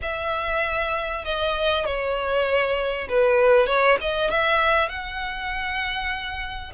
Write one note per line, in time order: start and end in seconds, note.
0.02 1.24 E5
1.24 1.85 D#5
1.85 3.08 C#5
3.08 3.66 B4
3.66 3.97 C#5
4.00 4.30 D#5
4.30 4.88 E5
4.88 6.72 F#5